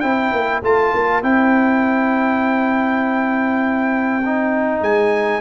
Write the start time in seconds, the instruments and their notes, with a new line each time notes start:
0.00 tuba C4, trombone E4, horn C5, trumpet G5
0.33 tuba A#3
0.63 tuba A3, trombone F4, trumpet A5
0.94 tuba A#3
1.23 tuba C4, trombone E4, trumpet G5
4.26 trombone D#4
4.81 tuba G#3, trumpet G#5